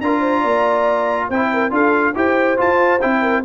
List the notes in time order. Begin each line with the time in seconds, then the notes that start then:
0.00 D4 F4 A#4 A#5
0.19 C5
0.41 A#3 D5
1.29 C4 E4 C5 G5
1.53 A#4
1.70 D4 F4 A4 F5
2.15 E4 G4 C5 G5
2.57 F4 A5
3.00 C4 E4 G5
3.21 A#4